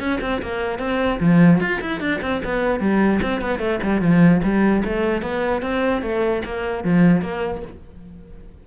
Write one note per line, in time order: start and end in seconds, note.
0.00 0.20 C#4
0.22 0.42 C4
0.42 0.79 A#3
0.79 1.20 C4
1.20 1.61 F3
1.61 1.81 F4
1.82 2.01 E4
2.01 2.21 D4
2.22 2.42 C4
2.45 2.80 B3
2.80 3.20 G3
3.23 3.42 C4
3.42 3.59 B3
3.59 3.79 A3
3.83 4.02 G3
4.02 4.42 F3
4.43 4.84 G3
4.84 5.22 A3
5.22 5.62 B3
5.62 6.02 C4
6.02 6.43 A3
6.45 6.85 A#3
6.85 7.22 F3
7.22 7.62 A#3